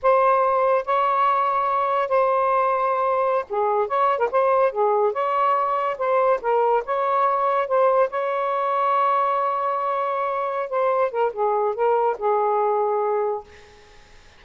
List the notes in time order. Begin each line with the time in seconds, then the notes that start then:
0.02 C5
0.85 C#5
2.08 C5
3.49 G#4
3.87 C#5
4.18 A#4
4.31 C5
4.72 G#4
5.12 C#5
5.98 C5
6.41 A#4
6.85 C#5
7.67 C5
8.09 C#5
10.69 C5
11.11 A#4
11.32 G#4
11.75 A#4
12.18 G#4